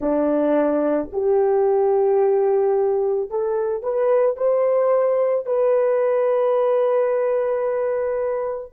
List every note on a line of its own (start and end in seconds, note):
0.00 1.09 D4
1.12 3.30 G4
3.30 3.82 A4
3.82 4.36 B4
4.36 5.45 C5
5.45 8.73 B4